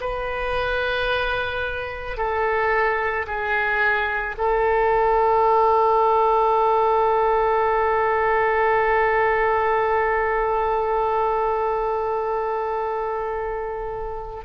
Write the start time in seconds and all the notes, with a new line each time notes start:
0.00 B4
2.17 A4
3.27 G#4
4.38 A4